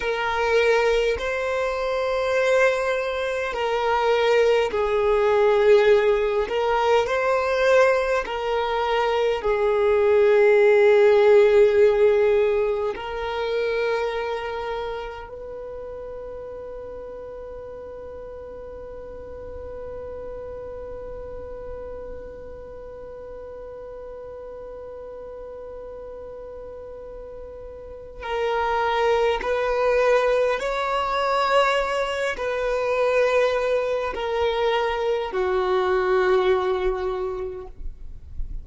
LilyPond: \new Staff \with { instrumentName = "violin" } { \time 4/4 \tempo 4 = 51 ais'4 c''2 ais'4 | gis'4. ais'8 c''4 ais'4 | gis'2. ais'4~ | ais'4 b'2.~ |
b'1~ | b'1 | ais'4 b'4 cis''4. b'8~ | b'4 ais'4 fis'2 | }